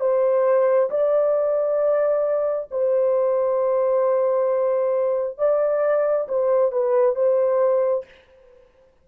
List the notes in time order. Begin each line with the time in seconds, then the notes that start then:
0.00 C5
0.90 D5
2.71 C5
5.38 D5
6.28 C5
6.72 B4
7.15 C5